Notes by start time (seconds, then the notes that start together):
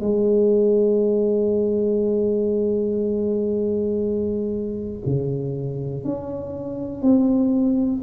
0.00 G#3
5.05 C#3
6.04 C#4
7.02 C4